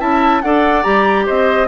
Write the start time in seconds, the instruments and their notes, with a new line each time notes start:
0.00 bassoon C#4, clarinet E4, oboe E5, flute A5
0.42 bassoon D4, clarinet A4, oboe D5, flute F#5
0.83 bassoon G3, clarinet G4, flute A#5
1.26 bassoon C4, oboe C5, flute D#5